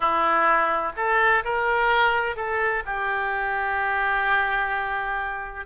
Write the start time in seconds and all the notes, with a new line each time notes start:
0.00 E4
0.96 A4
1.44 A#4
2.36 A4
2.85 G4